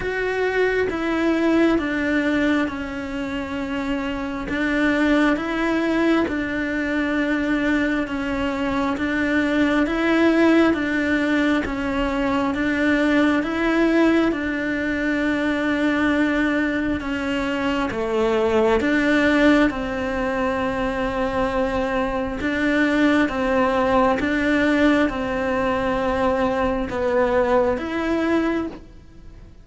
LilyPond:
\new Staff \with { instrumentName = "cello" } { \time 4/4 \tempo 4 = 67 fis'4 e'4 d'4 cis'4~ | cis'4 d'4 e'4 d'4~ | d'4 cis'4 d'4 e'4 | d'4 cis'4 d'4 e'4 |
d'2. cis'4 | a4 d'4 c'2~ | c'4 d'4 c'4 d'4 | c'2 b4 e'4 | }